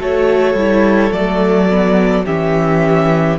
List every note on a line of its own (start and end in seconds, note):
0.00 0.54 A3
0.00 0.57 F#4
0.00 2.25 A4
0.00 1.12 C#5
0.54 1.11 G3
0.54 1.12 E4
1.12 2.25 F#3
1.12 1.69 A3
1.12 2.26 D5
1.70 2.25 B3
2.25 3.39 E3
2.25 3.39 C#4
2.25 3.38 G4
2.25 3.39 E5